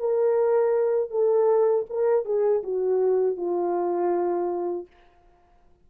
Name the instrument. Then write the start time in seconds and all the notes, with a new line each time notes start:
horn
0.00 A#4
1.11 A4
1.90 A#4
2.26 G#4
2.64 F#4
3.37 F4